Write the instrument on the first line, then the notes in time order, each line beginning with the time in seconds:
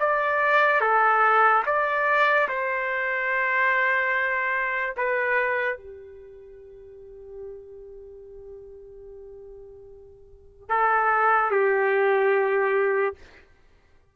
trumpet
0.00 D5
0.81 A4
1.66 D5
2.49 C5
4.97 B4
5.78 G4
10.69 A4
11.51 G4